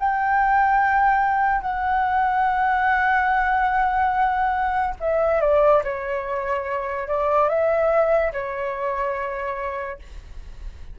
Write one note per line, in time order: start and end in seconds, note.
0.00 1.62 G5
1.62 4.95 F#5
5.01 5.41 E5
5.41 5.83 D5
5.84 7.08 C#5
7.08 7.49 D5
7.49 8.33 E5
8.33 10.00 C#5